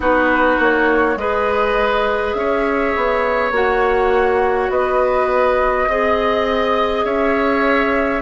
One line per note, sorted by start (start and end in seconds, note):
0.00 0.57 B3
0.00 1.15 D#4
0.00 1.18 F#4
0.00 0.60 B4
0.59 1.15 A#3
0.59 1.18 C#5
1.15 2.33 G#3
1.15 3.53 G#4
1.15 2.37 B4
1.15 2.33 D#5
2.33 2.93 C#4
2.33 4.72 C#5
2.33 3.51 E5
2.96 3.51 B3
3.51 4.69 A#3
3.51 5.88 F#4
3.51 4.71 F#5
4.69 5.87 B3
4.69 5.89 B4
4.69 7.05 D#5
5.87 7.04 C4
5.87 8.22 G#4
5.87 7.04 D#5
7.04 8.22 C#4
7.04 8.22 C#5
7.04 8.22 E5